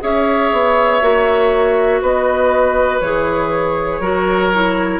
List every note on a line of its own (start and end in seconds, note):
0.00 0.52 C#4
0.00 1.00 G#4
0.00 2.01 C#5
0.00 2.02 E5
0.52 1.01 B3
1.01 2.01 A#3
1.01 3.01 F#4
2.01 3.01 B3
2.01 4.01 B4
2.01 3.00 D#5
3.00 4.00 E3
3.00 4.02 G#4
3.00 5.00 C#5
4.00 5.00 F#3
4.00 4.52 F#4
4.00 5.00 A#4
4.53 5.00 E4